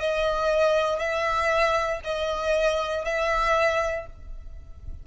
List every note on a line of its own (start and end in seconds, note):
0.00 0.99 D#5
0.99 2.01 E5
2.04 3.05 D#5
3.05 4.07 E5